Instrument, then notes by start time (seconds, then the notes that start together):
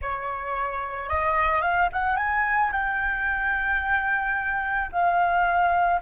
flute
0.01 C#5
1.09 D#5
1.61 F5
1.92 F#5
2.16 G#5
2.72 G5
4.91 F5